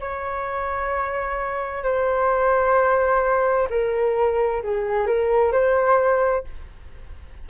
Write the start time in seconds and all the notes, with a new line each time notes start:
0.00 C#5
1.83 C5
3.70 A#4
4.62 G#4
5.06 A#4
5.52 C5